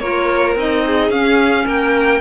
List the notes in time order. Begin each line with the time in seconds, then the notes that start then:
0.00 A#3 F4 A#4 C#5
0.56 C4 D#4 D#5
0.87 G#4
1.10 C#4 F5
1.66 A#3 A#4 G5